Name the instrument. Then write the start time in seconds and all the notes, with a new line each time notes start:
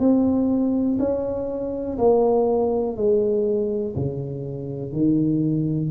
tuba
0.00 C4
0.99 C#4
1.98 A#3
2.97 G#3
3.96 C#3
4.92 D#3